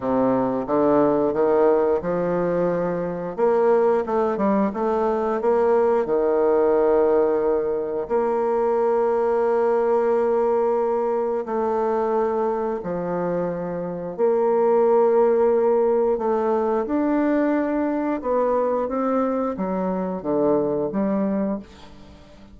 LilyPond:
\new Staff \with { instrumentName = "bassoon" } { \time 4/4 \tempo 4 = 89 c4 d4 dis4 f4~ | f4 ais4 a8 g8 a4 | ais4 dis2. | ais1~ |
ais4 a2 f4~ | f4 ais2. | a4 d'2 b4 | c'4 fis4 d4 g4 | }